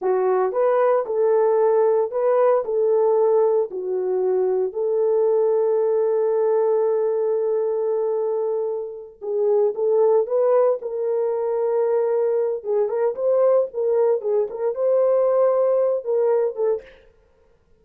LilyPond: \new Staff \with { instrumentName = "horn" } { \time 4/4 \tempo 4 = 114 fis'4 b'4 a'2 | b'4 a'2 fis'4~ | fis'4 a'2.~ | a'1~ |
a'4. gis'4 a'4 b'8~ | b'8 ais'2.~ ais'8 | gis'8 ais'8 c''4 ais'4 gis'8 ais'8 | c''2~ c''8 ais'4 a'8 | }